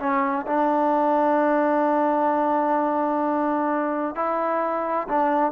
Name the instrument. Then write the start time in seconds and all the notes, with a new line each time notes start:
trombone
0.00 C#4
0.47 D4
4.15 E4
5.09 D4